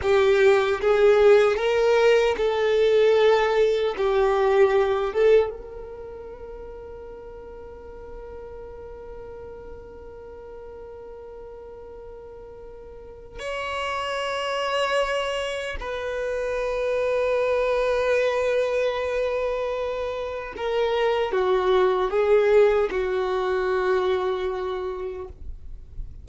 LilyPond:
\new Staff \with { instrumentName = "violin" } { \time 4/4 \tempo 4 = 76 g'4 gis'4 ais'4 a'4~ | a'4 g'4. a'8 ais'4~ | ais'1~ | ais'1~ |
ais'4 cis''2. | b'1~ | b'2 ais'4 fis'4 | gis'4 fis'2. | }